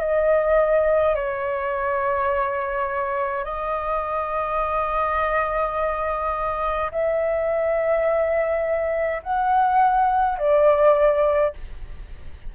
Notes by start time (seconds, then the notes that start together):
0.00 D#5
1.15 C#5
3.45 D#5
6.91 E5
9.23 F#5
10.38 D5